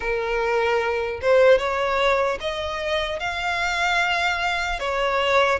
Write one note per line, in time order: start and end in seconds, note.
0.00 1.20 A#4
1.21 1.58 C5
1.58 2.38 C#5
2.40 3.19 D#5
3.19 4.79 F5
4.79 5.59 C#5